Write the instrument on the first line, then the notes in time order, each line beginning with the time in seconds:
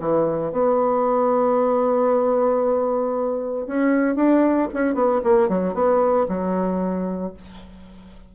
bassoon
0.00 E3
0.52 B3
3.67 C#4
4.16 D4
4.74 C#4
4.95 B3
5.24 A#3
5.49 F#3
5.74 B3
6.28 F#3